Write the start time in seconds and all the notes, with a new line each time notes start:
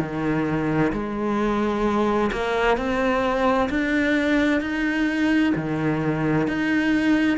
0.00 D#3
0.93 G#3
2.32 A#3
2.77 C4
3.70 D4
4.61 D#4
5.56 D#3
6.48 D#4